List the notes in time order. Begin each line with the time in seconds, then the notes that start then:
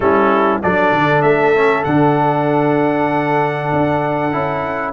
0.00 G3 C#4 E4 A4
0.62 F#3 D4 A4 D5
0.92 D3
1.22 A3 E5
1.55 C#4
1.84 D3 D4 F#5
3.72 D4
4.31 C#4 E4